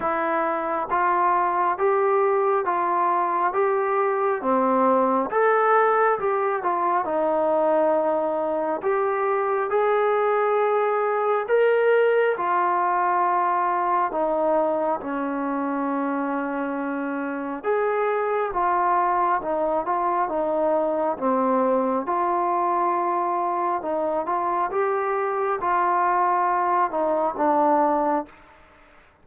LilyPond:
\new Staff \with { instrumentName = "trombone" } { \time 4/4 \tempo 4 = 68 e'4 f'4 g'4 f'4 | g'4 c'4 a'4 g'8 f'8 | dis'2 g'4 gis'4~ | gis'4 ais'4 f'2 |
dis'4 cis'2. | gis'4 f'4 dis'8 f'8 dis'4 | c'4 f'2 dis'8 f'8 | g'4 f'4. dis'8 d'4 | }